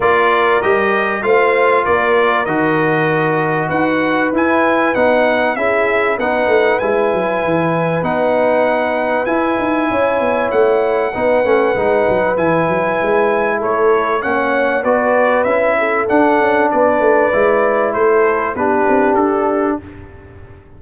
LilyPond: <<
  \new Staff \with { instrumentName = "trumpet" } { \time 4/4 \tempo 4 = 97 d''4 dis''4 f''4 d''4 | dis''2 fis''4 gis''4 | fis''4 e''4 fis''4 gis''4~ | gis''4 fis''2 gis''4~ |
gis''4 fis''2. | gis''2 cis''4 fis''4 | d''4 e''4 fis''4 d''4~ | d''4 c''4 b'4 a'4 | }
  \new Staff \with { instrumentName = "horn" } { \time 4/4 ais'2 c''4 ais'4~ | ais'2 b'2~ | b'4 gis'4 b'2~ | b'1 |
cis''2 b'2~ | b'2 a'4 cis''4 | b'4. a'4. b'4~ | b'4 a'4 g'2 | }
  \new Staff \with { instrumentName = "trombone" } { \time 4/4 f'4 g'4 f'2 | fis'2. e'4 | dis'4 e'4 dis'4 e'4~ | e'4 dis'2 e'4~ |
e'2 dis'8 cis'8 dis'4 | e'2. cis'4 | fis'4 e'4 d'2 | e'2 d'2 | }
  \new Staff \with { instrumentName = "tuba" } { \time 4/4 ais4 g4 a4 ais4 | dis2 dis'4 e'4 | b4 cis'4 b8 a8 gis8 fis8 | e4 b2 e'8 dis'8 |
cis'8 b8 a4 b8 a8 gis8 fis8 | e8 fis8 gis4 a4 ais4 | b4 cis'4 d'8 cis'8 b8 a8 | gis4 a4 b8 c'8 d'4 | }
>>